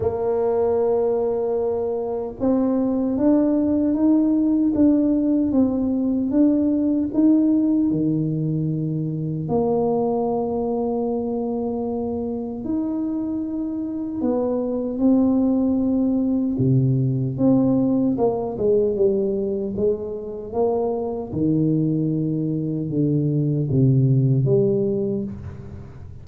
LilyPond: \new Staff \with { instrumentName = "tuba" } { \time 4/4 \tempo 4 = 76 ais2. c'4 | d'4 dis'4 d'4 c'4 | d'4 dis'4 dis2 | ais1 |
dis'2 b4 c'4~ | c'4 c4 c'4 ais8 gis8 | g4 gis4 ais4 dis4~ | dis4 d4 c4 g4 | }